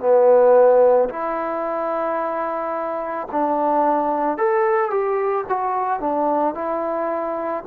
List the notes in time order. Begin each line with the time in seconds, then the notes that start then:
0.00 B3
1.10 E4
3.32 D4
4.38 A4
4.91 G4
5.49 F#4
6.00 D4
6.55 E4